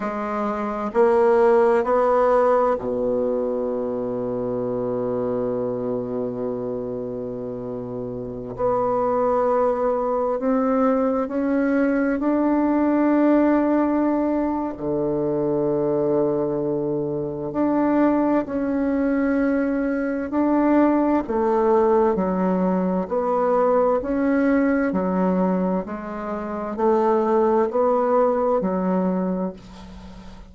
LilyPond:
\new Staff \with { instrumentName = "bassoon" } { \time 4/4 \tempo 4 = 65 gis4 ais4 b4 b,4~ | b,1~ | b,4~ b,16 b2 c'8.~ | c'16 cis'4 d'2~ d'8. |
d2. d'4 | cis'2 d'4 a4 | fis4 b4 cis'4 fis4 | gis4 a4 b4 fis4 | }